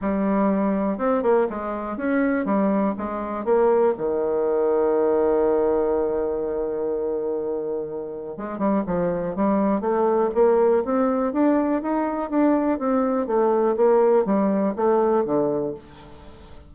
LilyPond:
\new Staff \with { instrumentName = "bassoon" } { \time 4/4 \tempo 4 = 122 g2 c'8 ais8 gis4 | cis'4 g4 gis4 ais4 | dis1~ | dis1~ |
dis4 gis8 g8 f4 g4 | a4 ais4 c'4 d'4 | dis'4 d'4 c'4 a4 | ais4 g4 a4 d4 | }